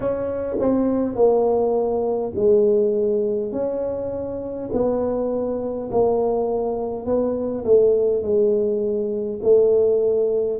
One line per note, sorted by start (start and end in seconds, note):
0.00 0.56 C#4
0.59 1.15 C4
1.15 2.33 A#3
2.35 3.51 G#3
3.51 4.69 C#4
4.72 5.89 B3
5.91 7.05 A#3
7.05 7.64 B3
7.64 8.22 A3
8.22 9.40 G#3
9.42 10.59 A3